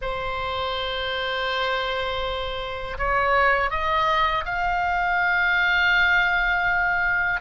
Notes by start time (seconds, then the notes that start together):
0.01 C5
2.98 C#5
3.70 D#5
4.45 F5